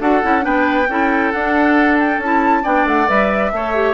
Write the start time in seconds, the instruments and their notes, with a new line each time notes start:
0.00 bassoon D4, clarinet F#4, oboe A4, flute F#5
0.22 bassoon C#4, clarinet E4
0.41 bassoon B3, clarinet D4, oboe B4, flute G5
0.88 bassoon C#4, clarinet E4, oboe A4
1.32 bassoon D4, clarinet D4, flute F#5
1.99 flute G5
2.18 bassoon C#4, clarinet E4, flute A5
2.63 bassoon B3, clarinet D4, oboe D5, flute G5
2.85 bassoon A3, flute F#5
3.07 bassoon G3, clarinet B4, flute E5
3.52 bassoon A3, clarinet A4, oboe C#5
3.75 clarinet G4